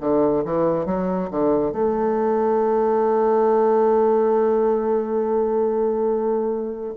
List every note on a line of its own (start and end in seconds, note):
0.00 0.43 D3
0.44 0.85 E3
0.85 1.29 F#3
1.30 1.72 D3
1.72 6.93 A3